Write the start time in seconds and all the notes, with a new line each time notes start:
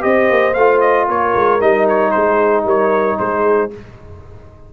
0.00 C4 G4 C5 D#5
0.30 A#3
0.54 A3 F4 F5
0.81 D#5
1.07 A#3 A#4 C#5
1.35 G#3
1.60 G3 D#4 D#5
1.88 C#5
2.11 G#3 G#4 C5
2.64 G3 A#4 C#5
3.18 G#3 G#4 C5